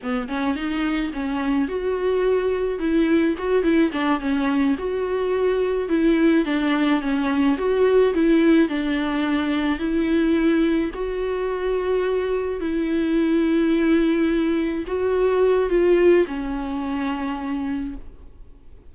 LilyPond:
\new Staff \with { instrumentName = "viola" } { \time 4/4 \tempo 4 = 107 b8 cis'8 dis'4 cis'4 fis'4~ | fis'4 e'4 fis'8 e'8 d'8 cis'8~ | cis'8 fis'2 e'4 d'8~ | d'8 cis'4 fis'4 e'4 d'8~ |
d'4. e'2 fis'8~ | fis'2~ fis'8 e'4.~ | e'2~ e'8 fis'4. | f'4 cis'2. | }